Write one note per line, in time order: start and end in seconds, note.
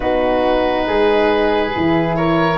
0.00 0.87 B3
0.00 1.71 D#4
0.00 0.85 F#4
0.00 2.16 B4
0.87 1.74 G#3
0.87 2.17 G#4
1.75 2.57 E3
1.75 2.57 E4
2.16 2.57 A#4
2.16 2.57 C#5